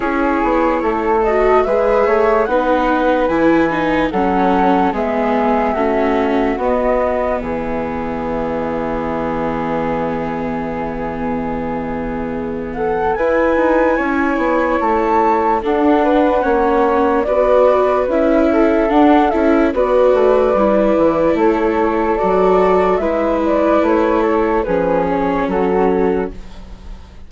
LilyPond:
<<
  \new Staff \with { instrumentName = "flute" } { \time 4/4 \tempo 4 = 73 cis''4. dis''8 e''4 fis''4 | gis''4 fis''4 e''2 | dis''4 e''2.~ | e''2.~ e''8 fis''8 |
gis''2 a''4 fis''4~ | fis''4 d''4 e''4 fis''8 e''8 | d''2 cis''4 d''4 | e''8 d''8 cis''4 b'8 cis''8 a'4 | }
  \new Staff \with { instrumentName = "flute" } { \time 4/4 gis'4 a'4 b'8 cis''8 b'4~ | b'4 a'4 gis'4 fis'4~ | fis'4 gis'2.~ | gis'2.~ gis'8 a'8 |
b'4 cis''2 a'8 b'8 | cis''4 b'4. a'4. | b'2 a'2 | b'4. a'8 gis'4 fis'4 | }
  \new Staff \with { instrumentName = "viola" } { \time 4/4 e'4. fis'8 gis'4 dis'4 | e'8 dis'8 cis'4 b4 cis'4 | b1~ | b1 |
e'2. d'4 | cis'4 fis'4 e'4 d'8 e'8 | fis'4 e'2 fis'4 | e'2 cis'2 | }
  \new Staff \with { instrumentName = "bassoon" } { \time 4/4 cis'8 b8 a4 gis8 a8 b4 | e4 fis4 gis4 a4 | b4 e2.~ | e1 |
e'8 dis'8 cis'8 b8 a4 d'4 | ais4 b4 cis'4 d'8 cis'8 | b8 a8 g8 e8 a4 fis4 | gis4 a4 f4 fis4 | }
>>